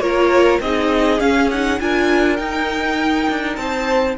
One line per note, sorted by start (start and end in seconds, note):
0.00 0.59 A#3
0.00 0.61 F4
0.00 0.61 A#4
0.00 0.60 C#5
0.60 1.20 C4
0.60 1.20 D#4
0.60 1.82 G#4
0.60 1.20 D#5
1.20 1.50 C#4
1.20 1.80 C#4
1.20 1.50 F5
1.51 1.80 D#4
1.51 1.80 F#5
1.80 2.39 D4
1.80 2.38 F4
1.80 3.60 A#4
1.80 2.37 G#5
2.37 4.17 D#4
2.37 3.28 D#4
2.37 3.56 G5
3.30 3.57 D4
3.56 4.17 C4
3.56 4.18 C5
3.56 4.15 A5